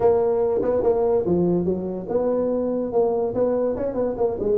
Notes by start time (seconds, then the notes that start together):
0.00 A#3
0.62 B3
0.83 A#3
1.25 F3
1.64 F#3
2.09 B3
2.92 A#3
3.34 B3
3.76 C#4
3.94 B3
4.17 A#3
4.39 G#3